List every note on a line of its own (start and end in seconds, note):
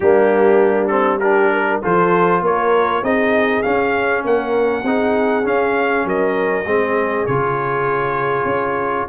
0.00 1.80 G3
0.00 0.89 A#3
0.00 1.20 D4
0.00 0.87 G4
0.87 1.20 C4
0.87 1.17 A4
1.19 1.82 D4
1.19 1.51 G4
1.19 1.80 A#4
1.52 1.82 A#4
1.82 2.41 F3
1.82 3.03 F4
1.82 2.42 A4
1.82 2.45 C5
2.41 3.02 A#3
2.41 3.03 A#4
2.41 3.04 C#5
3.02 3.62 C4
3.02 3.63 D#4
3.02 4.24 G#4
3.02 3.62 D#5
3.62 4.84 C#4
3.62 4.24 C#4
3.62 4.22 F5
4.24 4.83 A#3
4.24 4.85 A#4
4.24 5.46 F#5
4.83 5.44 C4
4.83 5.43 D#4
4.83 6.06 G#4
5.43 6.64 C#4
5.43 6.05 C#4
5.43 6.07 F5
6.05 6.65 F#3
6.05 6.66 A#4
6.05 7.26 D#5
6.65 7.26 G#3
6.65 7.28 C4
6.65 9.08 G#4
7.26 8.44 C#3
7.26 9.08 F4
7.26 9.08 C#5
8.44 9.05 C#4